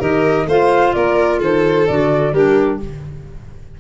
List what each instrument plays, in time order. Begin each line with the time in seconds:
0.00 tuba D#3, clarinet G4, violin A#4, flute D#5
0.47 tuba A3, clarinet F4, violin C5, flute F5
0.94 tuba A#3, violin A#4, flute D5
1.39 tuba D#3, violin A4, flute C5
1.87 tuba D3, clarinet F#4, flute D5
2.33 tuba G3, clarinet D4, violin G4, flute A#4